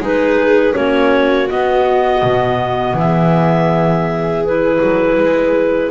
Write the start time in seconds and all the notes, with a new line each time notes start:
0.00 G#3 D#4 G#4 B4
0.73 A#3 C#4 F#4 C#5
1.49 B3 D#5
2.22 B2
2.94 E3 G#4 E5
4.45 E4 B4
4.81 F#3
5.17 G#3